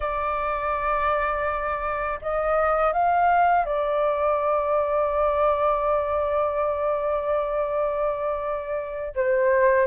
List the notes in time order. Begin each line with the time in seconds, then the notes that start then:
0.00 D5
2.21 D#5
2.92 F5
3.65 D5
9.15 C5